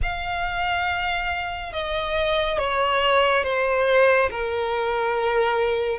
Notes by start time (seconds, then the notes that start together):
0.02 F5
1.72 D#5
2.58 C#5
3.43 C5
4.30 A#4